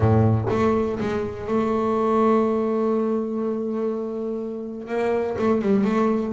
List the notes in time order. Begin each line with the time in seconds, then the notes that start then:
0.00 A2
0.49 A3
1.00 G#3
1.47 A3
4.87 A#3
5.38 A3
5.61 G3
5.84 A3